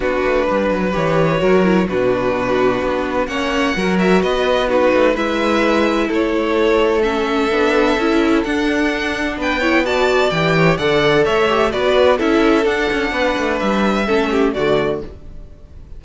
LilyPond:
<<
  \new Staff \with { instrumentName = "violin" } { \time 4/4 \tempo 4 = 128 b'2 cis''2 | b'2. fis''4~ | fis''8 e''8 dis''4 b'4 e''4~ | e''4 cis''2 e''4~ |
e''2 fis''2 | g''4 a''4 g''4 fis''4 | e''4 d''4 e''4 fis''4~ | fis''4 e''2 d''4 | }
  \new Staff \with { instrumentName = "violin" } { \time 4/4 fis'4 b'2 ais'4 | fis'2. cis''4 | ais'4 b'4 fis'4 b'4~ | b'4 a'2.~ |
a'1 | b'8 cis''8 d''4. cis''8 d''4 | cis''4 b'4 a'2 | b'2 a'8 g'8 fis'4 | }
  \new Staff \with { instrumentName = "viola" } { \time 4/4 d'2 g'4 fis'8 e'8 | d'2. cis'4 | fis'2 dis'4 e'4~ | e'2. cis'4 |
d'4 e'4 d'2~ | d'8 e'8 fis'4 g'4 a'4~ | a'8 g'8 fis'4 e'4 d'4~ | d'2 cis'4 a4 | }
  \new Staff \with { instrumentName = "cello" } { \time 4/4 b8 a8 g8 fis8 e4 fis4 | b,2 b4 ais4 | fis4 b4. a8 gis4~ | gis4 a2. |
b4 cis'4 d'2 | b2 e4 d4 | a4 b4 cis'4 d'8 cis'8 | b8 a8 g4 a4 d4 | }
>>